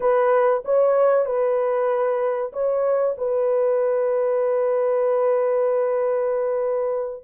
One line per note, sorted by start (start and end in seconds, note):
0.00 0.62 B4
0.65 1.25 C#5
1.25 2.52 B4
2.52 3.16 C#5
3.17 7.23 B4